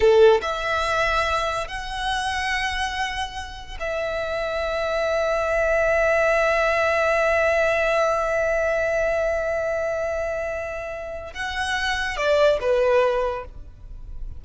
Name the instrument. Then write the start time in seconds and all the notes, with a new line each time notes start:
violin
0.00 A4
0.41 E5
1.67 F#5
3.79 E5
11.33 F#5
12.16 D5
12.61 B4